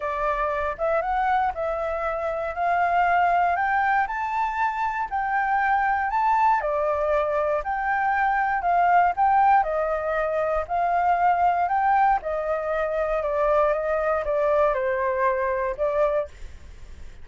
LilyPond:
\new Staff \with { instrumentName = "flute" } { \time 4/4 \tempo 4 = 118 d''4. e''8 fis''4 e''4~ | e''4 f''2 g''4 | a''2 g''2 | a''4 d''2 g''4~ |
g''4 f''4 g''4 dis''4~ | dis''4 f''2 g''4 | dis''2 d''4 dis''4 | d''4 c''2 d''4 | }